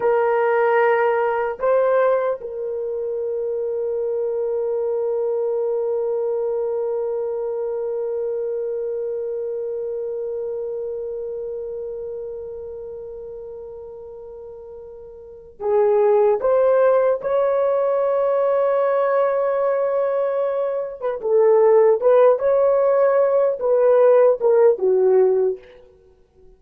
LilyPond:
\new Staff \with { instrumentName = "horn" } { \time 4/4 \tempo 4 = 75 ais'2 c''4 ais'4~ | ais'1~ | ais'1~ | ais'1~ |
ais'2.~ ais'8 gis'8~ | gis'8 c''4 cis''2~ cis''8~ | cis''2~ cis''16 b'16 a'4 b'8 | cis''4. b'4 ais'8 fis'4 | }